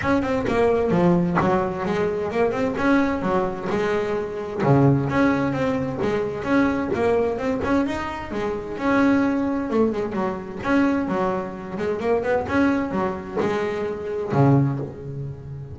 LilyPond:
\new Staff \with { instrumentName = "double bass" } { \time 4/4 \tempo 4 = 130 cis'8 c'8 ais4 f4 fis4 | gis4 ais8 c'8 cis'4 fis4 | gis2 cis4 cis'4 | c'4 gis4 cis'4 ais4 |
c'8 cis'8 dis'4 gis4 cis'4~ | cis'4 a8 gis8 fis4 cis'4 | fis4. gis8 ais8 b8 cis'4 | fis4 gis2 cis4 | }